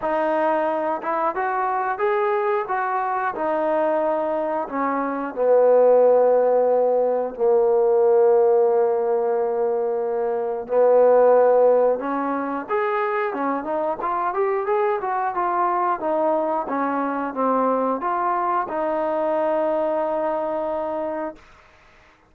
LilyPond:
\new Staff \with { instrumentName = "trombone" } { \time 4/4 \tempo 4 = 90 dis'4. e'8 fis'4 gis'4 | fis'4 dis'2 cis'4 | b2. ais4~ | ais1 |
b2 cis'4 gis'4 | cis'8 dis'8 f'8 g'8 gis'8 fis'8 f'4 | dis'4 cis'4 c'4 f'4 | dis'1 | }